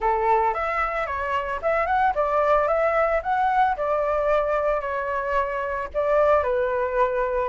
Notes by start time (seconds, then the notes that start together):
0.00 A4
0.54 E5
1.06 C#5
1.61 E5
1.86 F#5
2.15 D5
2.67 E5
3.23 F#5
3.76 D5
4.80 C#5
5.93 D5
6.43 B4